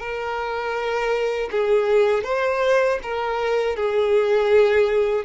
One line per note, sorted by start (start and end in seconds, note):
0.00 1.50 A#4
1.51 2.24 G#4
2.24 2.99 C5
3.03 3.76 A#4
3.76 5.25 G#4